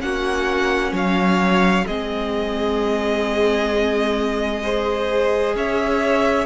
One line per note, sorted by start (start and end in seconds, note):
0.00 0.92 A#3
0.00 1.85 C#4
0.00 0.92 F#4
0.00 0.93 F#5
0.92 1.84 F#3
0.92 1.85 C#5
0.92 1.87 F5
1.86 5.55 G#3
1.86 4.63 C4
1.86 4.63 G#4
1.86 5.56 D#5
4.63 6.46 G#4
4.63 5.55 C5
5.55 6.46 C#4
5.55 6.46 C#5
5.55 6.46 E5